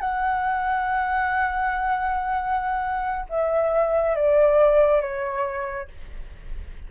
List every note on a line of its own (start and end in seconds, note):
0.00 3.26 F#5
3.29 4.15 E5
4.15 5.01 D5
5.01 5.88 C#5